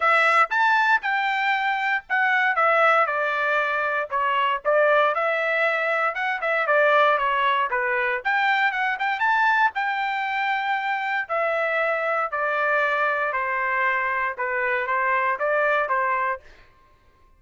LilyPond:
\new Staff \with { instrumentName = "trumpet" } { \time 4/4 \tempo 4 = 117 e''4 a''4 g''2 | fis''4 e''4 d''2 | cis''4 d''4 e''2 | fis''8 e''8 d''4 cis''4 b'4 |
g''4 fis''8 g''8 a''4 g''4~ | g''2 e''2 | d''2 c''2 | b'4 c''4 d''4 c''4 | }